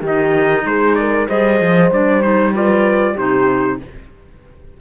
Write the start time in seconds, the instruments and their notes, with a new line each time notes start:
0.00 cello D#3, clarinet D#4, horn G4
0.06 trumpet D#5
0.64 cello G#3, horn G#4, trumpet C5
0.95 horn A#4, trumpet D5
1.28 cello G3, clarinet G#4, horn C5, trumpet D#5
1.61 cello F3
1.91 cello G3, clarinet D4, trumpet D5
2.22 clarinet D#4, trumpet C5
2.53 clarinet F4, horn B4, trumpet D5
3.14 cello C3, clarinet D#4, horn G4, trumpet C5